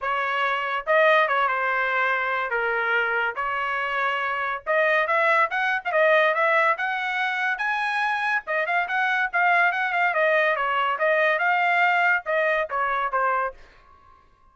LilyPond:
\new Staff \with { instrumentName = "trumpet" } { \time 4/4 \tempo 4 = 142 cis''2 dis''4 cis''8 c''8~ | c''2 ais'2 | cis''2. dis''4 | e''4 fis''8. f''16 dis''4 e''4 |
fis''2 gis''2 | dis''8 f''8 fis''4 f''4 fis''8 f''8 | dis''4 cis''4 dis''4 f''4~ | f''4 dis''4 cis''4 c''4 | }